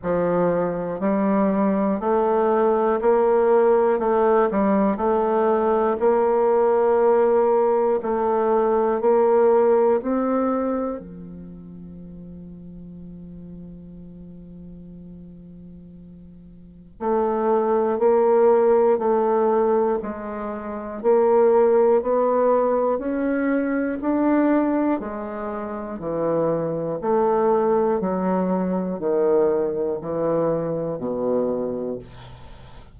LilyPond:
\new Staff \with { instrumentName = "bassoon" } { \time 4/4 \tempo 4 = 60 f4 g4 a4 ais4 | a8 g8 a4 ais2 | a4 ais4 c'4 f4~ | f1~ |
f4 a4 ais4 a4 | gis4 ais4 b4 cis'4 | d'4 gis4 e4 a4 | fis4 dis4 e4 b,4 | }